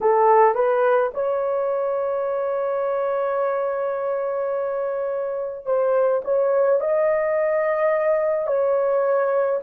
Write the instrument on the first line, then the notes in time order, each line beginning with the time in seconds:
horn
0.01 A4
0.55 B4
1.13 C#5
5.65 C5
6.24 C#5
6.80 D#5
8.46 C#5